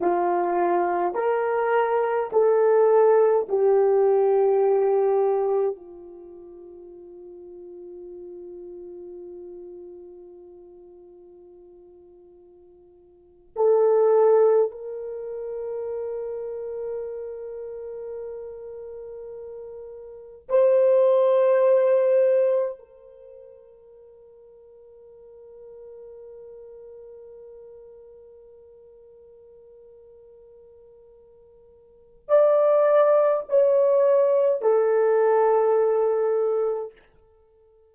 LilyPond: \new Staff \with { instrumentName = "horn" } { \time 4/4 \tempo 4 = 52 f'4 ais'4 a'4 g'4~ | g'4 f'2.~ | f'2.~ f'8. a'16~ | a'8. ais'2.~ ais'16~ |
ais'4.~ ais'16 c''2 ais'16~ | ais'1~ | ais'1 | d''4 cis''4 a'2 | }